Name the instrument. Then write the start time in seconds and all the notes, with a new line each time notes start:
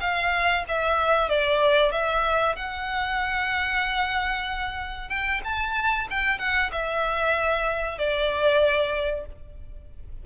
violin
0.00 F5
0.68 E5
1.29 D5
1.91 E5
2.55 F#5
5.09 G5
5.44 A5
6.10 G5
6.38 F#5
6.71 E5
7.98 D5